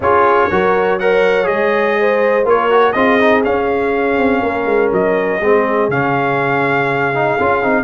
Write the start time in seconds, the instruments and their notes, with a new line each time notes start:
0.00 tuba C#4, trombone F4, horn G#4, trumpet C#5
0.50 tuba F#3, trombone F#4, horn A#4
0.99 trombone A#4, horn C#5, trumpet F#5
1.43 tuba G#3, trombone G#4, trumpet D#5
1.99 horn C5
2.44 tuba A#3, trombone F4, horn A#4, trumpet C#5
2.70 trombone F#4
2.92 tuba C4, trombone F4, horn G#4, trumpet D#5
3.20 trombone D#4
3.44 trombone C#4, tuba C#4, trumpet F5
4.17 tuba C4
4.41 tuba A#3, horn A#4
4.65 tuba G#3
4.92 tuba F#3, trumpet D#5
5.40 tuba G#3, trombone C4, horn G#4
5.88 tuba C#3, trombone C#4, trumpet F5
7.13 trombone D#4
7.39 tuba C#4, trombone F4
7.62 tuba C4, trombone D#4